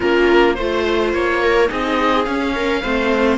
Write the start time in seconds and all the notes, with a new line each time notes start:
0.00 A#3 C#4 F4 A#4
0.54 A3 F4 C5
1.13 A#3 C#5
1.42 A#4
1.67 C4 D#4 G#4 D#5
2.24 C#4 F5
2.55 A#4
2.82 A3 C4 C5